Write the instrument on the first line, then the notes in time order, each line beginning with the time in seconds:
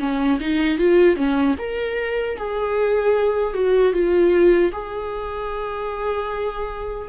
viola
0.00 C#4
0.41 D#4
0.79 F4
1.17 C#4
1.59 A#4
2.38 G#4
3.54 F#4
3.93 F4
4.73 G#4